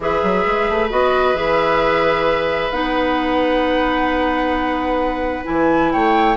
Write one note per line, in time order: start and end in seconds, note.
0.00 0.21 E3
0.00 0.90 G#4
0.00 5.92 B4
0.00 0.90 E5
0.22 0.45 F#3
0.46 0.69 G#3
0.69 0.91 A3
0.90 1.34 B3
0.90 1.35 F#4
0.90 1.35 D#5
1.34 2.70 E3
1.34 2.71 G#4
1.34 2.71 E5
2.71 5.44 B3
2.71 5.44 D#4
2.71 5.44 F#5
5.44 5.93 E3
5.44 6.35 E4
5.44 5.91 G#5
5.92 6.37 A3
5.92 6.37 C#5
5.92 6.37 G5